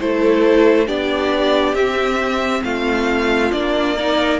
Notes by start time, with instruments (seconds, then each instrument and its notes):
0.00 cello A3, viola E4, violin A4 C5
0.86 cello B3, viola D4, violin G4 D5
1.73 cello C4, viola C4, violin E5
2.63 cello A3, violin F4 F5
3.51 cello A#3, viola D4, violin D5
3.96 viola D#4, violin A#4